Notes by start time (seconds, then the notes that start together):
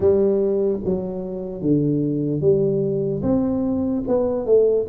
0.00 G3
0.84 F#3
1.61 D3
2.41 G3
3.22 C4
4.07 B3
4.46 A3